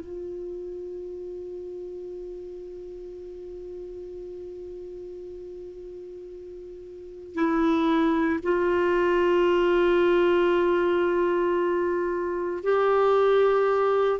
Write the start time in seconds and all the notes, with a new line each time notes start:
0.00 F4
7.34 E4
8.43 F4
12.63 G4